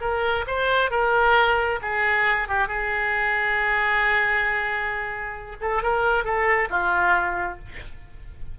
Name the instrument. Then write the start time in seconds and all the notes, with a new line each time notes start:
oboe
0.00 A#4
0.47 C5
0.90 A#4
1.82 G#4
2.48 G4
2.67 G#4
5.60 A4
5.82 A#4
6.24 A4
6.69 F4